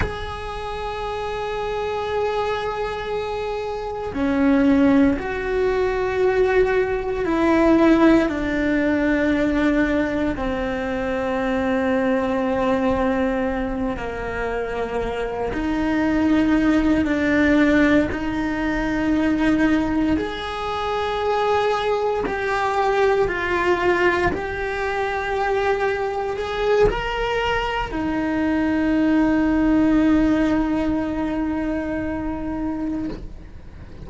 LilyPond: \new Staff \with { instrumentName = "cello" } { \time 4/4 \tempo 4 = 58 gis'1 | cis'4 fis'2 e'4 | d'2 c'2~ | c'4. ais4. dis'4~ |
dis'8 d'4 dis'2 gis'8~ | gis'4. g'4 f'4 g'8~ | g'4. gis'8 ais'4 dis'4~ | dis'1 | }